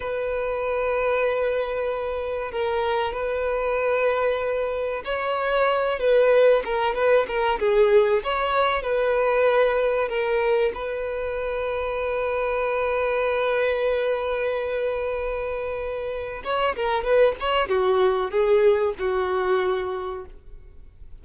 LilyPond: \new Staff \with { instrumentName = "violin" } { \time 4/4 \tempo 4 = 95 b'1 | ais'4 b'2. | cis''4. b'4 ais'8 b'8 ais'8 | gis'4 cis''4 b'2 |
ais'4 b'2.~ | b'1~ | b'2 cis''8 ais'8 b'8 cis''8 | fis'4 gis'4 fis'2 | }